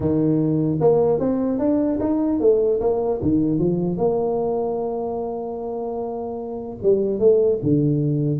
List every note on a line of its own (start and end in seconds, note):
0.00 0.78 D#3
0.80 1.19 A#3
1.19 1.59 C4
1.59 1.99 D4
2.00 2.40 D#4
2.40 2.80 A3
2.80 3.20 A#3
3.22 3.58 D#3
3.58 3.97 F3
3.97 6.77 A#3
6.82 7.19 G3
7.19 7.59 A3
7.62 8.39 D3